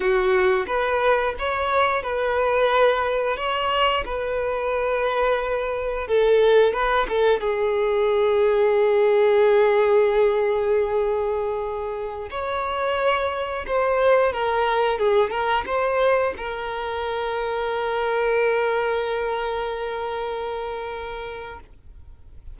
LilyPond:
\new Staff \with { instrumentName = "violin" } { \time 4/4 \tempo 4 = 89 fis'4 b'4 cis''4 b'4~ | b'4 cis''4 b'2~ | b'4 a'4 b'8 a'8 gis'4~ | gis'1~ |
gis'2~ gis'16 cis''4.~ cis''16~ | cis''16 c''4 ais'4 gis'8 ais'8 c''8.~ | c''16 ais'2.~ ais'8.~ | ais'1 | }